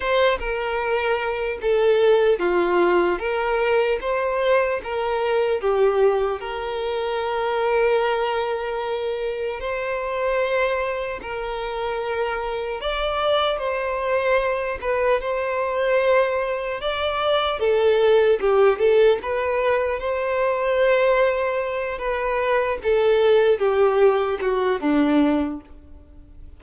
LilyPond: \new Staff \with { instrumentName = "violin" } { \time 4/4 \tempo 4 = 75 c''8 ais'4. a'4 f'4 | ais'4 c''4 ais'4 g'4 | ais'1 | c''2 ais'2 |
d''4 c''4. b'8 c''4~ | c''4 d''4 a'4 g'8 a'8 | b'4 c''2~ c''8 b'8~ | b'8 a'4 g'4 fis'8 d'4 | }